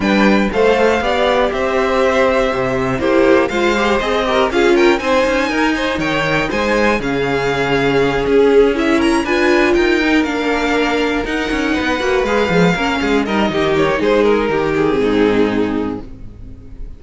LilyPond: <<
  \new Staff \with { instrumentName = "violin" } { \time 4/4 \tempo 4 = 120 g''4 f''2 e''4~ | e''2 c''4 f''4 | dis''4 f''8 g''8 gis''2 | g''4 gis''4 f''2~ |
f''8 gis'4 e''8 ais''8 gis''4 g''8~ | g''8 f''2 fis''4.~ | fis''8 f''2 dis''4 cis''8 | c''8 ais'4 gis'2~ gis'8 | }
  \new Staff \with { instrumentName = "violin" } { \time 4/4 b'4 c''4 d''4 c''4~ | c''2 g'4 c''4~ | c''8 ais'8 gis'8 ais'8 c''4 ais'8 c''8 | cis''4 c''4 gis'2~ |
gis'2 ais'8 b'4 ais'8~ | ais'2.~ ais'8 b'8~ | b'4. ais'8 gis'8 ais'8 g'4 | gis'4 g'4 dis'2 | }
  \new Staff \with { instrumentName = "viola" } { \time 4/4 d'4 a'4 g'2~ | g'2 e'4 f'8 g'8 | gis'8 g'8 f'4 dis'2~ | dis'2 cis'2~ |
cis'4. e'4 f'4. | dis'8 d'2 dis'4. | fis'8 gis'8 gis8 cis'4 dis'4.~ | dis'4.~ dis'16 c'2~ c'16 | }
  \new Staff \with { instrumentName = "cello" } { \time 4/4 g4 a4 b4 c'4~ | c'4 c4 ais4 gis4 | c'4 cis'4 c'8 cis'8 dis'4 | dis4 gis4 cis2~ |
cis8 cis'2 d'4 dis'8~ | dis'8 ais2 dis'8 cis'8 b8 | ais8 gis8 f8 ais8 gis8 g8 dis4 | gis4 dis4 gis,2 | }
>>